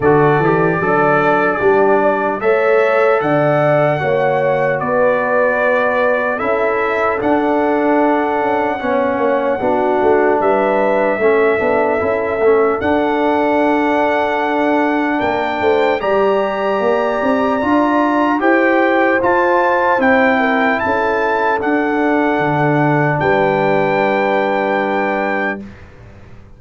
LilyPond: <<
  \new Staff \with { instrumentName = "trumpet" } { \time 4/4 \tempo 4 = 75 d''2. e''4 | fis''2 d''2 | e''4 fis''2.~ | fis''4 e''2. |
fis''2. g''4 | ais''2. g''4 | a''4 g''4 a''4 fis''4~ | fis''4 g''2. | }
  \new Staff \with { instrumentName = "horn" } { \time 4/4 a'4 d'4 g'8 d''8 cis''4 | d''4 cis''4 b'2 | a'2. cis''4 | fis'4 b'4 a'2~ |
a'2. ais'8 c''8 | d''2. c''4~ | c''4. ais'8 a'2~ | a'4 b'2. | }
  \new Staff \with { instrumentName = "trombone" } { \time 4/4 fis'8 g'8 a'4 d'4 a'4~ | a'4 fis'2. | e'4 d'2 cis'4 | d'2 cis'8 d'8 e'8 cis'8 |
d'1 | g'2 f'4 g'4 | f'4 e'2 d'4~ | d'1 | }
  \new Staff \with { instrumentName = "tuba" } { \time 4/4 d8 e8 fis4 g4 a4 | d4 ais4 b2 | cis'4 d'4. cis'8 b8 ais8 | b8 a8 g4 a8 b8 cis'8 a8 |
d'2. ais8 a8 | g4 ais8 c'8 d'4 e'4 | f'4 c'4 cis'4 d'4 | d4 g2. | }
>>